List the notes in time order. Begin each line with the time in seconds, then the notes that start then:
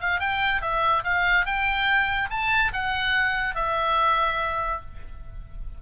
0.00 F5
0.19 G5
0.61 E5
1.04 F5
1.45 G5
2.30 A5
2.73 F#5
3.55 E5